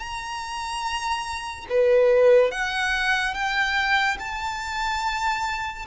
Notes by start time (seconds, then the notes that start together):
0.00 A#5
1.70 B4
2.51 F#5
3.34 G5
4.19 A5